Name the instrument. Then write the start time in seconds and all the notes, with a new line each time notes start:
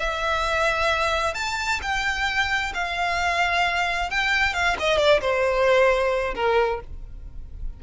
violin
0.00 E5
1.35 A5
1.82 G5
2.74 F5
4.11 G5
4.54 F5
4.80 D#5
4.98 D5
5.21 C5
6.35 A#4